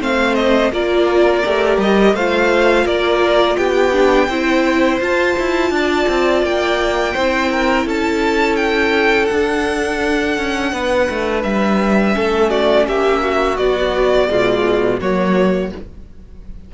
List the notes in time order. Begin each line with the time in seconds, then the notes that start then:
0.00 A3 C4 C5 F5
0.35 D#5
0.72 A#3 F4 A#4 D5
1.45 A3 G4
1.78 G3 D#5
2.13 A3 F4 C5 F5
2.85 A#3 A#4 D5
3.57 B3 G4 G5
3.93 D4
4.28 C4 E4 C5
5.00 F4 A5
5.39 E4
5.71 D4 D5
6.08 C4
6.42 A#3 G5
7.13 C4 E4 C5
7.51 A#4
7.86 C#4 A4 A5
8.56 G5
9.26 D4 F#5
10.38 C#4
10.73 B3 B4
11.10 A3
11.43 G3 E5
12.12 A3 C#4 A4
12.50 F#4 D5
12.87 A#3 G4 E5
13.22 F#4
13.57 F#3 B3 D5
14.28 B2 G#3 F4
15.00 F#3 A#3 F#4 C#5